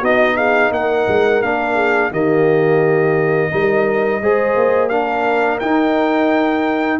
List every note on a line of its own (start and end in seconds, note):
0.00 0.71 B3
0.00 1.42 D#4
0.00 0.35 F#4
0.00 0.36 D#5
0.36 0.71 G#4
0.36 0.71 F5
0.71 1.06 A#3
0.71 1.75 A#4
0.71 1.42 F#5
1.08 1.42 G#3
1.42 2.11 A#3
1.42 2.12 D4
1.42 2.11 F5
1.75 2.09 G#4
2.11 3.50 D#3
2.11 3.51 A#3
2.11 3.51 G4
2.11 4.89 D#5
3.51 4.21 G3
3.51 4.20 D#4
3.51 4.21 A#4
4.21 4.56 G#3
4.21 4.91 G#4
4.21 4.90 C5
4.56 5.60 A#3
4.89 5.60 D4
4.89 6.99 A#4
4.89 5.58 F5
5.60 7.00 D#4
5.60 6.99 G5